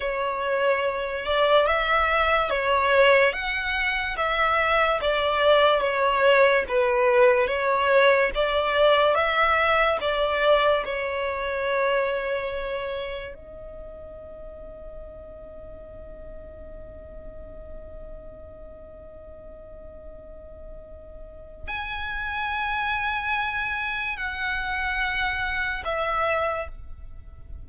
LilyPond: \new Staff \with { instrumentName = "violin" } { \time 4/4 \tempo 4 = 72 cis''4. d''8 e''4 cis''4 | fis''4 e''4 d''4 cis''4 | b'4 cis''4 d''4 e''4 | d''4 cis''2. |
dis''1~ | dis''1~ | dis''2 gis''2~ | gis''4 fis''2 e''4 | }